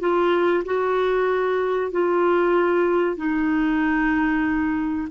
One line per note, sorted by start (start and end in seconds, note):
0.00 0.64 F4
0.65 1.92 F#4
1.92 3.17 F4
3.17 5.09 D#4